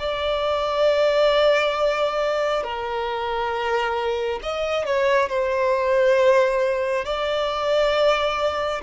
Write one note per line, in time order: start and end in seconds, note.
0.00 2.64 D5
2.64 4.40 A#4
4.43 4.86 D#5
4.86 5.29 C#5
5.29 7.05 C5
7.05 8.82 D5